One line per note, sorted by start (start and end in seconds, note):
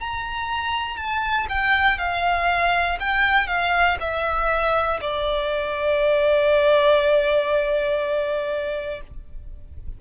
0.00 0.96 A#5
0.96 1.46 A5
1.49 1.98 G5
1.98 2.98 F5
3.00 3.47 G5
3.47 3.97 F5
4.00 5.00 E5
5.01 9.01 D5